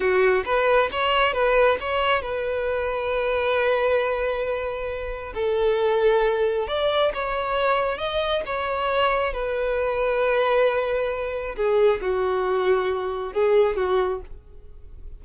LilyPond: \new Staff \with { instrumentName = "violin" } { \time 4/4 \tempo 4 = 135 fis'4 b'4 cis''4 b'4 | cis''4 b'2.~ | b'1 | a'2. d''4 |
cis''2 dis''4 cis''4~ | cis''4 b'2.~ | b'2 gis'4 fis'4~ | fis'2 gis'4 fis'4 | }